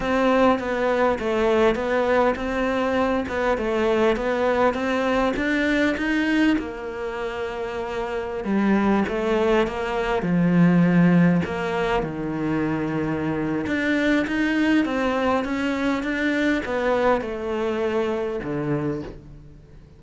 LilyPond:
\new Staff \with { instrumentName = "cello" } { \time 4/4 \tempo 4 = 101 c'4 b4 a4 b4 | c'4. b8 a4 b4 | c'4 d'4 dis'4 ais4~ | ais2~ ais16 g4 a8.~ |
a16 ais4 f2 ais8.~ | ais16 dis2~ dis8. d'4 | dis'4 c'4 cis'4 d'4 | b4 a2 d4 | }